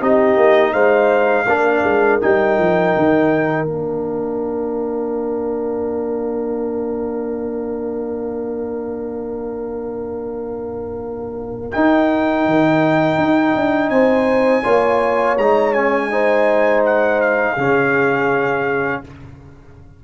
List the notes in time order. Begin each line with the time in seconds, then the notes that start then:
0.00 C4 D#4 G4 D#5
0.37 A#3
0.73 G#3 C5 F5
1.47 A#3 D4 A#4
1.84 G#3
2.20 G3 D#4 G5
2.59 F3
2.96 D#3
3.65 A#3 D4 F5
11.72 D#4 G5
12.46 D#3
13.18 D#4
13.56 D4
13.90 C4 C5 G#5
14.63 A#3 F4 C#5
15.37 G#3 D#4 A#5
15.73 C#4 G#5
16.11 D#4 C5
16.85 F#5
17.21 F5
17.55 C#3 C#4 G#4